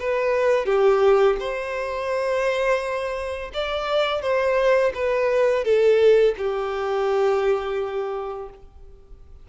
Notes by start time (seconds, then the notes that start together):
0.00 B4
0.66 G4
1.40 C5
3.54 D5
4.22 C5
4.95 B4
5.65 A4
6.38 G4